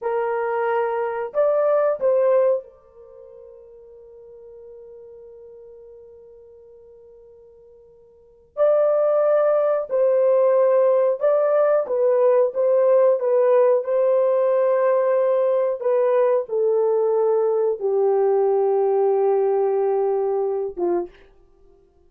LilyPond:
\new Staff \with { instrumentName = "horn" } { \time 4/4 \tempo 4 = 91 ais'2 d''4 c''4 | ais'1~ | ais'1~ | ais'4 d''2 c''4~ |
c''4 d''4 b'4 c''4 | b'4 c''2. | b'4 a'2 g'4~ | g'2.~ g'8 f'8 | }